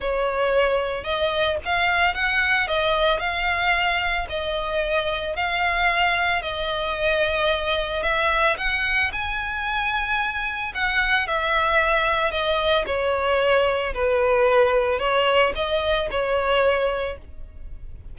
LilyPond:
\new Staff \with { instrumentName = "violin" } { \time 4/4 \tempo 4 = 112 cis''2 dis''4 f''4 | fis''4 dis''4 f''2 | dis''2 f''2 | dis''2. e''4 |
fis''4 gis''2. | fis''4 e''2 dis''4 | cis''2 b'2 | cis''4 dis''4 cis''2 | }